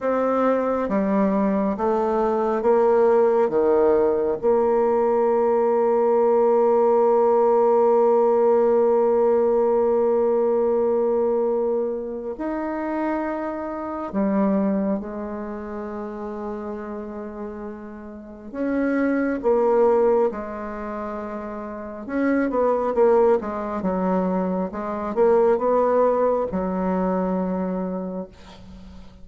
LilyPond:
\new Staff \with { instrumentName = "bassoon" } { \time 4/4 \tempo 4 = 68 c'4 g4 a4 ais4 | dis4 ais2.~ | ais1~ | ais2 dis'2 |
g4 gis2.~ | gis4 cis'4 ais4 gis4~ | gis4 cis'8 b8 ais8 gis8 fis4 | gis8 ais8 b4 fis2 | }